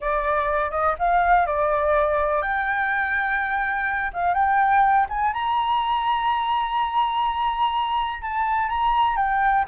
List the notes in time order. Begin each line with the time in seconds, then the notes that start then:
0.00 D5
0.70 D#5
0.99 F5
1.46 D5
2.42 G5
4.13 F5
4.34 G5
5.09 G#5
5.33 A#5
8.22 A5
8.69 A#5
9.16 G5